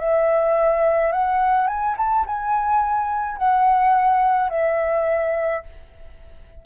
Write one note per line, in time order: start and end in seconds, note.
0.00 1.13 E5
1.13 1.68 F#5
1.68 1.96 G#5
1.98 2.26 A5
2.27 3.38 G#5
3.38 4.50 F#5
4.50 5.63 E5